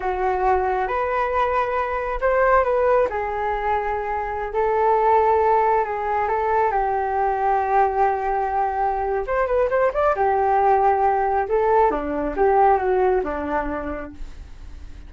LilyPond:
\new Staff \with { instrumentName = "flute" } { \time 4/4 \tempo 4 = 136 fis'2 b'2~ | b'4 c''4 b'4 gis'4~ | gis'2~ gis'16 a'4.~ a'16~ | a'4~ a'16 gis'4 a'4 g'8.~ |
g'1~ | g'4 c''8 b'8 c''8 d''8 g'4~ | g'2 a'4 d'4 | g'4 fis'4 d'2 | }